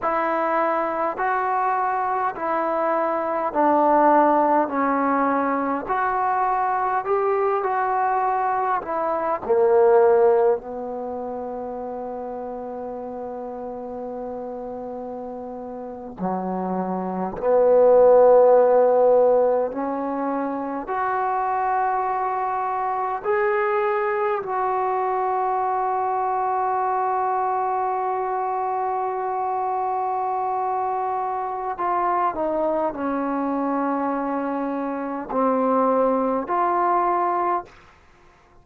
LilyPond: \new Staff \with { instrumentName = "trombone" } { \time 4/4 \tempo 4 = 51 e'4 fis'4 e'4 d'4 | cis'4 fis'4 g'8 fis'4 e'8 | ais4 b2.~ | b4.~ b16 fis4 b4~ b16~ |
b8. cis'4 fis'2 gis'16~ | gis'8. fis'2.~ fis'16~ | fis'2. f'8 dis'8 | cis'2 c'4 f'4 | }